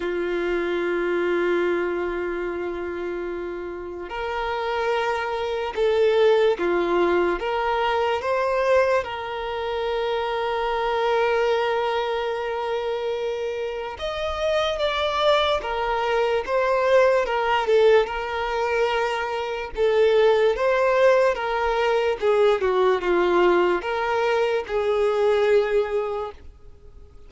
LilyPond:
\new Staff \with { instrumentName = "violin" } { \time 4/4 \tempo 4 = 73 f'1~ | f'4 ais'2 a'4 | f'4 ais'4 c''4 ais'4~ | ais'1~ |
ais'4 dis''4 d''4 ais'4 | c''4 ais'8 a'8 ais'2 | a'4 c''4 ais'4 gis'8 fis'8 | f'4 ais'4 gis'2 | }